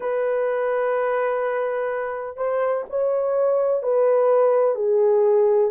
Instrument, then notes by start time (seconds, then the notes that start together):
horn
0.00 B4
2.36 C5
2.89 C#5
3.82 B4
4.75 G#4